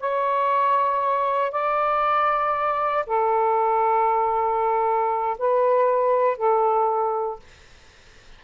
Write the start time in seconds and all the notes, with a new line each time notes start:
0.00 C#5
1.52 D5
3.07 A4
5.38 B4
6.37 A4